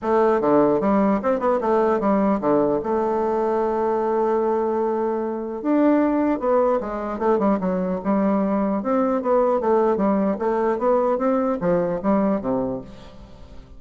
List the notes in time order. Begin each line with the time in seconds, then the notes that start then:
0.02 A3
0.40 D3
0.80 G3
1.22 C4
1.39 B3
1.61 A3
1.99 G3
2.40 D3
2.83 A3
5.61 D4
6.39 B3
6.80 G#3
7.19 A3
7.39 G3
7.59 F#3
8.03 G3
8.82 C4
9.22 B3
9.60 A3
9.96 G3
10.38 A3
10.78 B3
11.18 C4
11.61 F3
12.02 G3
12.40 C3